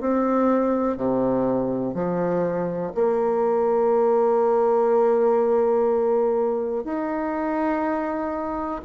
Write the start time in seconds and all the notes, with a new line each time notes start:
0.00 C4
0.97 C3
1.94 F3
2.94 A#3
6.84 D#4